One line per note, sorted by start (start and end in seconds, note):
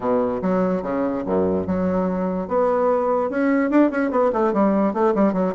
0.00 0.40 B2
0.42 0.82 F#3
0.82 1.23 C#3
1.25 1.66 F#2
1.66 2.48 F#3
2.48 3.30 B3
3.30 3.70 C#4
3.70 3.90 D4
3.90 4.11 C#4
4.11 4.31 B3
4.33 4.53 A3
4.53 4.93 G3
4.93 5.14 A3
5.14 5.33 G3
5.33 5.53 F#3